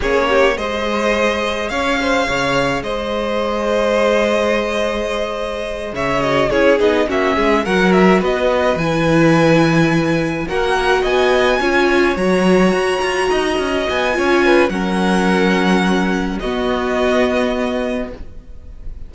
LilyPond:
<<
  \new Staff \with { instrumentName = "violin" } { \time 4/4 \tempo 4 = 106 cis''4 dis''2 f''4~ | f''4 dis''2.~ | dis''2~ dis''8 e''8 dis''8 cis''8 | dis''8 e''4 fis''8 e''8 dis''4 gis''8~ |
gis''2~ gis''8 fis''4 gis''8~ | gis''4. ais''2~ ais''8~ | ais''8 gis''4. fis''2~ | fis''4 dis''2. | }
  \new Staff \with { instrumentName = "violin" } { \time 4/4 gis'8 g'8 c''2 cis''8 c''8 | cis''4 c''2.~ | c''2~ c''8 cis''4 gis'8~ | gis'8 fis'8 gis'8 ais'4 b'4.~ |
b'2~ b'8 ais'4 dis''8~ | dis''8 cis''2. dis''8~ | dis''4 cis''8 b'8 ais'2~ | ais'4 fis'2. | }
  \new Staff \with { instrumentName = "viola" } { \time 4/4 cis'4 gis'2.~ | gis'1~ | gis'2. fis'8 e'8 | dis'8 cis'4 fis'2 e'8~ |
e'2~ e'8 fis'4.~ | fis'8 f'4 fis'2~ fis'8~ | fis'4 f'4 cis'2~ | cis'4 b2. | }
  \new Staff \with { instrumentName = "cello" } { \time 4/4 ais4 gis2 cis'4 | cis4 gis2.~ | gis2~ gis8 cis4 cis'8 | b8 ais8 gis8 fis4 b4 e8~ |
e2~ e8 ais4 b8~ | b8 cis'4 fis4 fis'8 f'8 dis'8 | cis'8 b8 cis'4 fis2~ | fis4 b2. | }
>>